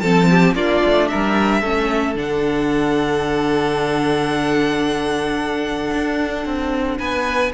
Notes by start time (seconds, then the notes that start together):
0.00 F3 C4 A4 A5
0.30 G4
0.54 A#3 D4 F4 D5
0.85 A3
1.08 A#4 E5
1.14 G3
1.61 A3 C#4 A4
2.15 D3 D4 F#5
5.94 D4
6.45 C4
6.99 B3 B4 G#5